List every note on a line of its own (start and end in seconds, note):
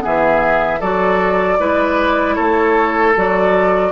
0.00 0.81 E3
0.00 0.78 B3
0.00 0.80 G#4
0.00 0.81 E5
0.80 1.59 F#3
0.80 1.59 F#4
0.80 1.58 A4
0.80 2.35 D5
1.59 2.38 G#3
1.59 3.15 E4
1.59 2.36 B4
2.35 3.17 A3
2.35 3.92 A4
2.35 3.13 C#5
3.16 3.92 F#3
3.16 3.92 F#4
3.16 3.92 D5